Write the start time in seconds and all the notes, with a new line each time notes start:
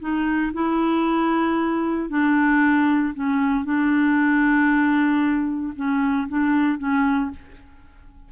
0.00 D#4
0.54 E4
2.09 D4
3.14 C#4
3.65 D4
5.76 C#4
6.28 D4
6.78 C#4